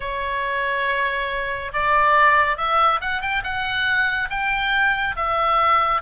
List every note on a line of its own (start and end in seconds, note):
0.00 1.71 C#5
1.73 2.57 D5
2.57 3.00 E5
3.00 3.21 F#5
3.21 3.42 G5
3.43 4.29 F#5
4.29 5.15 G5
5.16 6.01 E5